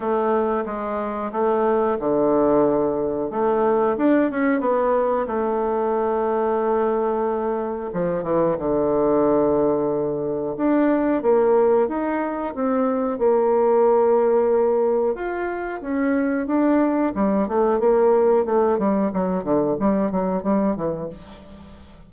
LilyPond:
\new Staff \with { instrumentName = "bassoon" } { \time 4/4 \tempo 4 = 91 a4 gis4 a4 d4~ | d4 a4 d'8 cis'8 b4 | a1 | f8 e8 d2. |
d'4 ais4 dis'4 c'4 | ais2. f'4 | cis'4 d'4 g8 a8 ais4 | a8 g8 fis8 d8 g8 fis8 g8 e8 | }